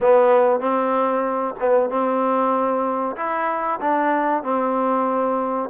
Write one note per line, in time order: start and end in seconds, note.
0.00 0.60 B3
0.60 1.54 C4
1.60 1.89 B3
1.89 3.16 C4
3.16 3.79 E4
3.80 4.43 D4
4.43 5.69 C4